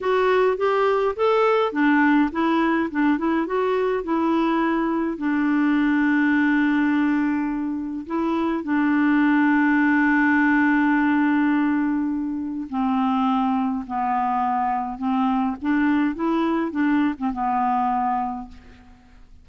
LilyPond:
\new Staff \with { instrumentName = "clarinet" } { \time 4/4 \tempo 4 = 104 fis'4 g'4 a'4 d'4 | e'4 d'8 e'8 fis'4 e'4~ | e'4 d'2.~ | d'2 e'4 d'4~ |
d'1~ | d'2 c'2 | b2 c'4 d'4 | e'4 d'8. c'16 b2 | }